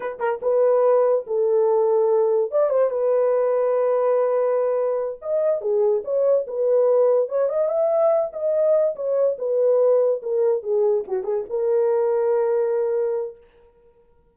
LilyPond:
\new Staff \with { instrumentName = "horn" } { \time 4/4 \tempo 4 = 144 b'8 ais'8 b'2 a'4~ | a'2 d''8 c''8 b'4~ | b'1~ | b'8 dis''4 gis'4 cis''4 b'8~ |
b'4. cis''8 dis''8 e''4. | dis''4. cis''4 b'4.~ | b'8 ais'4 gis'4 fis'8 gis'8 ais'8~ | ais'1 | }